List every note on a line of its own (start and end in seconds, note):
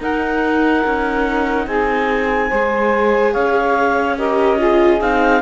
0.00 0.83 D#4
0.00 2.51 D#4
0.00 1.67 A#4
0.00 1.67 F#5
0.86 1.67 C#4
1.67 2.50 C4
1.67 2.48 G#4
1.67 3.33 G#5
2.48 3.35 G#3
2.48 4.17 G#4
2.48 3.32 C5
3.32 5.01 C#4
3.32 4.15 C#5
3.32 4.16 F5
4.17 4.59 G4
4.17 4.58 A#4
4.17 5.01 D#5
4.58 5.00 F4
4.58 5.41 G#4
5.01 5.42 C4
5.01 5.42 D#4
5.01 5.42 F5